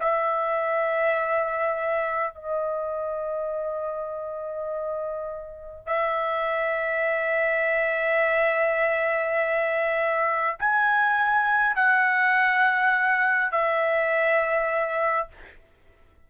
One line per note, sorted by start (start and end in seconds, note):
0.00 2.35 E5
2.35 5.87 D#5
5.87 10.57 E5
10.59 11.76 G#5
11.76 13.52 F#5
13.52 15.28 E5